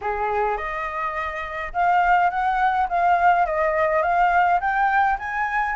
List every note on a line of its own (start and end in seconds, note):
0.01 0.57 G#4
0.57 1.72 D#5
1.73 2.29 F5
2.29 2.87 F#5
2.88 3.46 F5
3.46 4.02 D#5
4.02 4.60 F5
4.60 5.18 G5
5.18 5.75 G#5